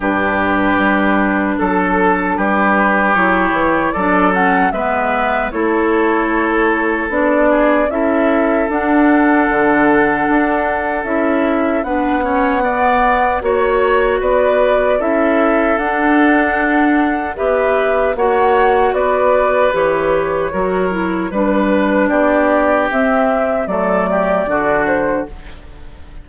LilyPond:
<<
  \new Staff \with { instrumentName = "flute" } { \time 4/4 \tempo 4 = 76 b'2 a'4 b'4 | cis''4 d''8 fis''8 e''4 cis''4~ | cis''4 d''4 e''4 fis''4~ | fis''2 e''4 fis''4~ |
fis''4 cis''4 d''4 e''4 | fis''2 e''4 fis''4 | d''4 cis''2 b'4 | d''4 e''4 d''4. c''8 | }
  \new Staff \with { instrumentName = "oboe" } { \time 4/4 g'2 a'4 g'4~ | g'4 a'4 b'4 a'4~ | a'4. gis'8 a'2~ | a'2. b'8 cis''8 |
d''4 cis''4 b'4 a'4~ | a'2 b'4 cis''4 | b'2 ais'4 b'4 | g'2 a'8 g'8 fis'4 | }
  \new Staff \with { instrumentName = "clarinet" } { \time 4/4 d'1 | e'4 d'8 cis'8 b4 e'4~ | e'4 d'4 e'4 d'4~ | d'2 e'4 d'8 cis'8 |
b4 fis'2 e'4 | d'2 g'4 fis'4~ | fis'4 g'4 fis'8 e'8 d'4~ | d'4 c'4 a4 d'4 | }
  \new Staff \with { instrumentName = "bassoon" } { \time 4/4 g,4 g4 fis4 g4 | fis8 e8 fis4 gis4 a4~ | a4 b4 cis'4 d'4 | d4 d'4 cis'4 b4~ |
b4 ais4 b4 cis'4 | d'2 b4 ais4 | b4 e4 fis4 g4 | b4 c'4 fis4 d4 | }
>>